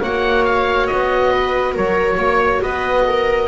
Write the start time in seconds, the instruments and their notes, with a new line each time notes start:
0.00 double bass A#3, viola F#4 C#5, oboe F#5
0.44 oboe F5
0.87 double bass B3, oboe D#5
1.30 viola B4
1.74 double bass F#3, viola A#4, oboe C#5
2.18 double bass A#3, viola C#5
2.62 double bass B3, viola B4, oboe D#5
3.07 viola A#4